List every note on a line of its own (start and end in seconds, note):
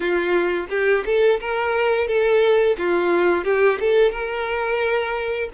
0.00 0.66 F4
0.69 1.04 G4
1.05 1.40 A4
1.40 2.07 A#4
2.07 2.76 A4
2.77 3.44 F4
3.44 3.78 G4
3.80 4.11 A4
4.11 5.49 A#4